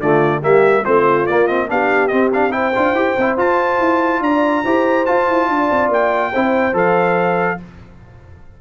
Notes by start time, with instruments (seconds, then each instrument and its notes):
0.00 tuba D3, trombone A3, horn F4, trumpet D5
0.40 tuba G3, trombone A#3, horn G4, trumpet E5
0.83 tuba A3, trombone C4, horn F4, trumpet C5
1.27 tuba A#3, trombone A#3, trumpet D5
1.47 trombone C4, trumpet D#5
1.68 tuba B3, trombone D4, horn G4, trumpet F5
2.08 trombone C4, tuba C4, trumpet D#5
2.33 trombone D4, trumpet F5
2.51 trombone E4, horn C5, trumpet G5
2.75 tuba D4, trombone F4
2.93 tuba E4, trombone G4
3.18 tuba C4, trombone E4
3.37 tuba F4, trombone F4, trumpet A5
3.80 tuba E4
4.20 tuba D4, horn D5, trumpet A#5
4.64 tuba E4, trombone G4, horn C5
5.05 trombone F4, tuba F4, trumpet A5
5.29 tuba E4
5.49 tuba D4, horn D5
5.70 tuba C4
5.89 tuba A#3, trumpet G5
6.32 tuba C4, trombone E4, horn C5
6.73 tuba F3, trombone A4, trumpet F5